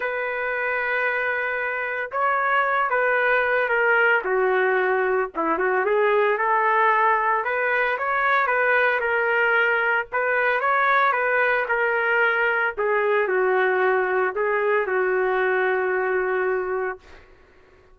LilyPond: \new Staff \with { instrumentName = "trumpet" } { \time 4/4 \tempo 4 = 113 b'1 | cis''4. b'4. ais'4 | fis'2 e'8 fis'8 gis'4 | a'2 b'4 cis''4 |
b'4 ais'2 b'4 | cis''4 b'4 ais'2 | gis'4 fis'2 gis'4 | fis'1 | }